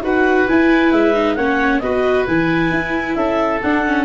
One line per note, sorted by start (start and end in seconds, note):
0.00 0.45 D#4
0.00 0.47 F#4
0.00 1.37 B4
0.00 0.48 F#5
0.47 1.14 E4
0.47 0.92 E4
0.47 0.91 G#5
0.91 1.36 G#3
0.91 1.34 E5
1.14 1.36 D#4
1.34 1.81 A#3
1.34 1.81 C#4
1.34 1.81 C#5
1.34 1.79 F#5
1.79 2.26 B3
1.79 2.27 F#4
1.79 3.17 B4
1.79 2.24 D#5
2.27 2.71 E3
2.27 3.62 E4
2.27 3.15 G#5
2.71 3.15 E4
3.15 3.60 C#4
3.15 4.04 A4
3.15 3.60 E5
3.62 4.04 D4
3.62 3.86 D4
3.62 4.04 F#5
3.86 4.04 C#4